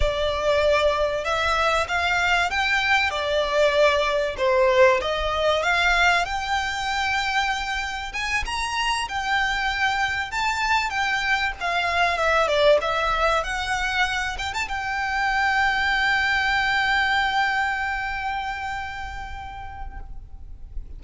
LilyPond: \new Staff \with { instrumentName = "violin" } { \time 4/4 \tempo 4 = 96 d''2 e''4 f''4 | g''4 d''2 c''4 | dis''4 f''4 g''2~ | g''4 gis''8 ais''4 g''4.~ |
g''8 a''4 g''4 f''4 e''8 | d''8 e''4 fis''4. g''16 a''16 g''8~ | g''1~ | g''1 | }